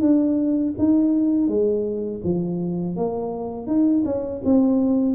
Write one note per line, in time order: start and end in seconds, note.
0.00 0.73 D4
0.78 1.47 D#4
1.47 2.21 G#3
2.23 2.96 F3
2.96 3.66 A#3
3.66 4.03 D#4
4.05 4.41 C#4
4.44 5.15 C4